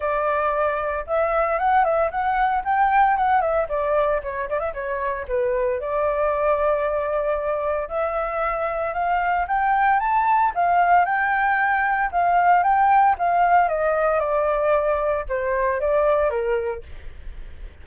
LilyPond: \new Staff \with { instrumentName = "flute" } { \time 4/4 \tempo 4 = 114 d''2 e''4 fis''8 e''8 | fis''4 g''4 fis''8 e''8 d''4 | cis''8 d''16 e''16 cis''4 b'4 d''4~ | d''2. e''4~ |
e''4 f''4 g''4 a''4 | f''4 g''2 f''4 | g''4 f''4 dis''4 d''4~ | d''4 c''4 d''4 ais'4 | }